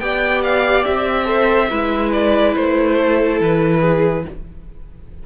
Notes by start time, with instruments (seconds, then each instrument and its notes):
0.00 cello B3, viola G4, violin D5 G5
0.44 violin F5
0.84 cello C4, violin E5
1.25 viola A4, violin C5
1.70 cello G#3, viola E4, violin B4
2.12 violin D5
2.56 cello A3, violin C5
2.97 violin A4
3.40 cello E3, violin B4
3.81 violin G#4